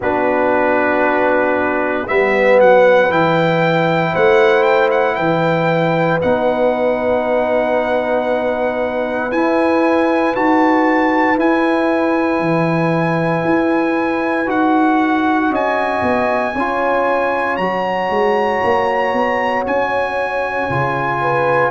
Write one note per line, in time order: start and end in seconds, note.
0.00 2.07 B3
0.00 2.07 D4
0.00 2.06 F#4
0.00 2.07 B4
2.07 2.60 G3
2.07 3.10 B3
2.07 4.11 B4
2.07 2.59 E5
2.59 3.09 F#3
2.59 3.11 F#5
3.09 4.12 E3
3.09 6.20 E4
3.09 4.15 G5
4.11 5.18 A3
4.11 5.15 C5
4.11 4.63 F#5
4.63 4.89 G5
4.91 5.15 F#5
5.15 6.21 E3
5.15 15.50 B4
5.15 6.18 G5
6.20 9.31 B3
6.20 9.31 D#4
6.20 9.31 F#5
9.31 10.35 E4
9.31 10.34 G#5
10.35 11.37 D#4
10.35 11.36 F#4
10.35 11.38 A5
11.36 14.46 E4
11.36 12.39 E4
11.36 14.49 G#5
12.39 13.42 E3
13.44 14.47 E4
14.46 15.50 D#4
14.46 16.53 F#4
14.46 15.53 F#5
15.50 16.01 C#4
15.50 16.54 D#5
15.50 17.56 G#5
16.02 16.53 B3
16.54 17.58 C#4
16.54 17.59 F4
16.54 21.20 C#5
17.56 18.09 F#3
17.56 20.70 F#4
17.56 19.63 A#5
18.09 18.61 G#3
18.63 19.13 A#3
19.13 19.64 B3
19.66 20.69 C#4
19.66 21.71 G#5
20.70 21.71 C#3
20.70 21.71 F4
21.21 21.71 B4